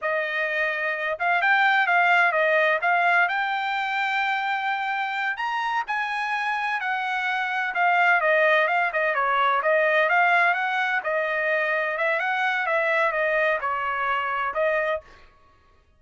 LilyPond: \new Staff \with { instrumentName = "trumpet" } { \time 4/4 \tempo 4 = 128 dis''2~ dis''8 f''8 g''4 | f''4 dis''4 f''4 g''4~ | g''2.~ g''8 ais''8~ | ais''8 gis''2 fis''4.~ |
fis''8 f''4 dis''4 f''8 dis''8 cis''8~ | cis''8 dis''4 f''4 fis''4 dis''8~ | dis''4. e''8 fis''4 e''4 | dis''4 cis''2 dis''4 | }